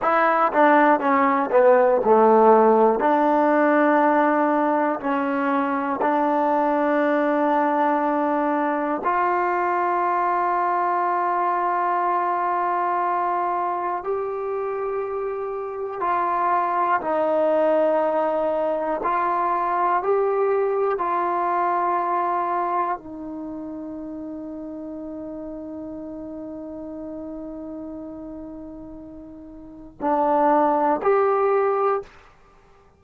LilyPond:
\new Staff \with { instrumentName = "trombone" } { \time 4/4 \tempo 4 = 60 e'8 d'8 cis'8 b8 a4 d'4~ | d'4 cis'4 d'2~ | d'4 f'2.~ | f'2 g'2 |
f'4 dis'2 f'4 | g'4 f'2 dis'4~ | dis'1~ | dis'2 d'4 g'4 | }